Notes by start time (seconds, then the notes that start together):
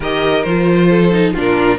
0.00 D#3 G4 A#4 D#5
0.43 F3 F4 C5
0.89 A4
1.12 D#4
1.33 A#2 D4 F4 A#4